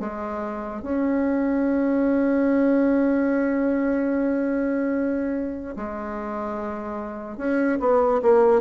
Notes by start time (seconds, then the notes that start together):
0.00 G#3
0.82 C#4
5.76 G#3
7.37 C#4
7.80 B3
8.22 A#3